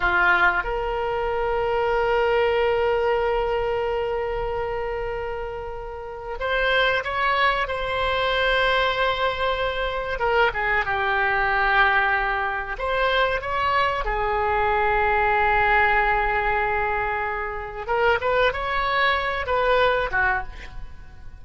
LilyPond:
\new Staff \with { instrumentName = "oboe" } { \time 4/4 \tempo 4 = 94 f'4 ais'2.~ | ais'1~ | ais'2 c''4 cis''4 | c''1 |
ais'8 gis'8 g'2. | c''4 cis''4 gis'2~ | gis'1 | ais'8 b'8 cis''4. b'4 fis'8 | }